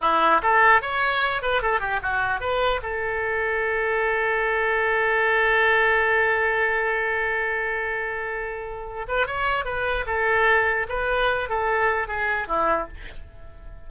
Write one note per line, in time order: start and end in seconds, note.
0.01 0.41 E4
0.42 0.81 A4
0.81 1.42 C#5
1.42 1.62 B4
1.62 1.80 A4
1.80 2.00 G4
2.02 2.40 F#4
2.40 2.80 B4
2.82 9.06 A4
9.08 9.26 B4
9.26 9.64 C#5
9.64 10.05 B4
10.06 10.87 A4
10.88 11.49 B4
11.49 12.07 A4
12.07 12.47 G#4
12.47 12.87 E4